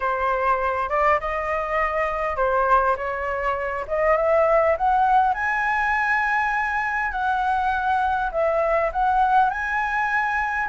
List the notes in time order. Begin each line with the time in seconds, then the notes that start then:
0.00 C5
0.89 D5
1.20 D#5
2.36 C5
2.96 C#5
3.87 D#5
4.17 E5
4.77 F#5
5.34 G#5
7.11 F#5
8.31 E5
8.92 F#5
9.50 G#5